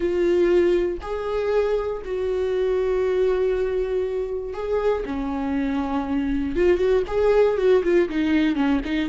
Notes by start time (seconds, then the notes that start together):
0.00 F4
1.01 G#4
2.04 F#4
4.53 G#4
5.05 C#4
6.56 F4
6.77 F#4
7.07 G#4
7.57 F#4
7.83 F4
8.09 D#4
8.55 C#4
8.85 D#4